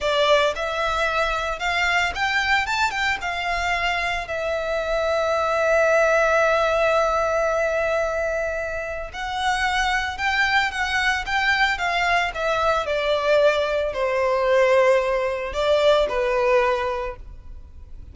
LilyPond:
\new Staff \with { instrumentName = "violin" } { \time 4/4 \tempo 4 = 112 d''4 e''2 f''4 | g''4 a''8 g''8 f''2 | e''1~ | e''1~ |
e''4 fis''2 g''4 | fis''4 g''4 f''4 e''4 | d''2 c''2~ | c''4 d''4 b'2 | }